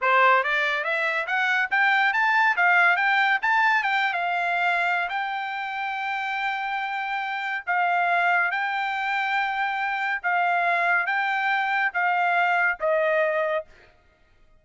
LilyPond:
\new Staff \with { instrumentName = "trumpet" } { \time 4/4 \tempo 4 = 141 c''4 d''4 e''4 fis''4 | g''4 a''4 f''4 g''4 | a''4 g''8. f''2~ f''16 | g''1~ |
g''2 f''2 | g''1 | f''2 g''2 | f''2 dis''2 | }